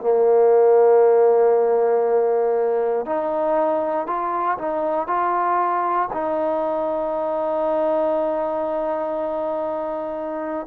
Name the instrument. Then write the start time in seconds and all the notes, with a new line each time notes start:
trombone
0.00 A#3
3.05 D#4
4.06 F4
4.58 D#4
5.07 F4
6.12 D#4